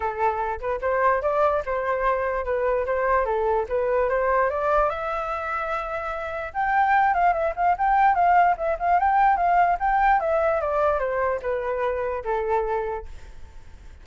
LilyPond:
\new Staff \with { instrumentName = "flute" } { \time 4/4 \tempo 4 = 147 a'4. b'8 c''4 d''4 | c''2 b'4 c''4 | a'4 b'4 c''4 d''4 | e''1 |
g''4. f''8 e''8 f''8 g''4 | f''4 e''8 f''8 g''4 f''4 | g''4 e''4 d''4 c''4 | b'2 a'2 | }